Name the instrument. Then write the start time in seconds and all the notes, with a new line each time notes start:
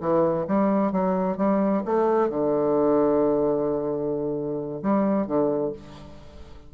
bassoon
0.00 E3
0.47 G3
0.92 F#3
1.37 G3
1.85 A3
2.29 D3
4.82 G3
5.26 D3